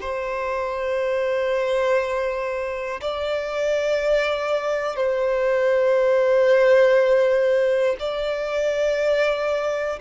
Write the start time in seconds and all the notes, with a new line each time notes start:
0.00 C5
3.00 D5
4.96 C5
7.99 D5